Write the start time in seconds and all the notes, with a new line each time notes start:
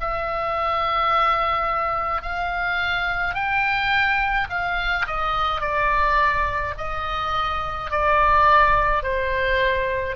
0.00 E5
2.22 F5
3.34 G5
4.49 F5
5.07 D#5
5.60 D5
6.77 D#5
7.91 D5
9.03 C5